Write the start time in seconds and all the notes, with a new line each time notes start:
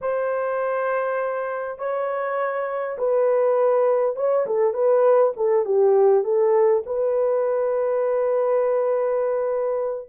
0.01 C5
1.78 C#5
2.97 B4
4.16 C#5
4.46 A4
4.73 B4
5.36 A4
5.65 G4
6.23 A4
6.86 B4